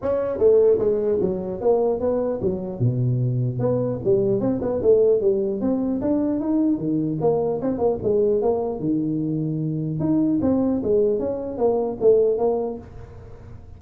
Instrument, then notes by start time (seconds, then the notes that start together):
tuba
0.01 C#4
0.38 A3
0.78 G#3
1.20 F#3
1.60 A#3
2.00 B3
2.41 F#3
2.79 B2
3.59 B3
4.03 G3
4.40 C4
4.61 B3
4.82 A3
5.20 G3
5.61 C4
6.01 D4
6.40 D#4
6.78 D#3
7.20 A#3
7.61 C4
7.77 A#3
8.03 G#3
8.41 A#3
8.79 D#3
9.99 D#4
10.41 C4
10.83 G#3
11.19 C#4
11.57 A#3
12.00 A3
12.38 A#3